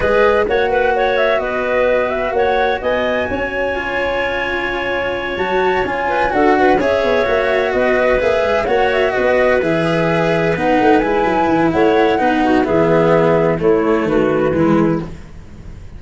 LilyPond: <<
  \new Staff \with { instrumentName = "flute" } { \time 4/4 \tempo 4 = 128 dis''4 fis''4. e''8 dis''4~ | dis''8 e''8 fis''4 gis''2~ | gis''2.~ gis''8 a''8~ | a''8 gis''4 fis''4 e''4.~ |
e''8 dis''4 e''4 fis''8 e''8 dis''8~ | dis''8 e''2 fis''4 gis''8~ | gis''4 fis''2 e''4~ | e''4 cis''4 b'2 | }
  \new Staff \with { instrumentName = "clarinet" } { \time 4/4 b'4 cis''8 b'8 cis''4 b'4~ | b'4 cis''4 dis''4 cis''4~ | cis''1~ | cis''4 b'8 a'8 b'8 cis''4.~ |
cis''8 b'2 cis''4 b'8~ | b'1~ | b'4 cis''4 b'8 fis'8 gis'4~ | gis'4 e'4 fis'4 e'4 | }
  \new Staff \with { instrumentName = "cello" } { \time 4/4 gis'4 fis'2.~ | fis'1 | f'2.~ f'8 fis'8~ | fis'8 f'4 fis'4 gis'4 fis'8~ |
fis'4. gis'4 fis'4.~ | fis'8 gis'2 dis'4 e'8~ | e'2 dis'4 b4~ | b4 a2 gis4 | }
  \new Staff \with { instrumentName = "tuba" } { \time 4/4 gis4 ais2 b4~ | b4 ais4 b4 cis'4~ | cis'2.~ cis'8 fis8~ | fis8 cis'4 d'4 cis'8 b8 ais8~ |
ais8 b4 ais8 gis8 ais4 b8~ | b8 e2 b8 a8 gis8 | fis8 e8 a4 b4 e4~ | e4 a4 dis4 e4 | }
>>